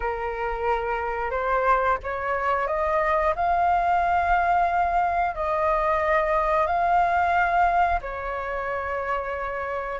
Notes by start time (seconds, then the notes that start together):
0.00 A#4
1.30 C5
2.03 C#5
2.67 D#5
3.35 F5
5.35 D#5
6.66 F5
8.01 C#5